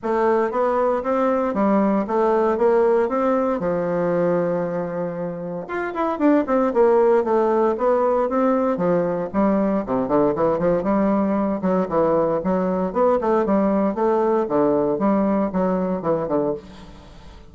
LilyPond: \new Staff \with { instrumentName = "bassoon" } { \time 4/4 \tempo 4 = 116 a4 b4 c'4 g4 | a4 ais4 c'4 f4~ | f2. f'8 e'8 | d'8 c'8 ais4 a4 b4 |
c'4 f4 g4 c8 d8 | e8 f8 g4. fis8 e4 | fis4 b8 a8 g4 a4 | d4 g4 fis4 e8 d8 | }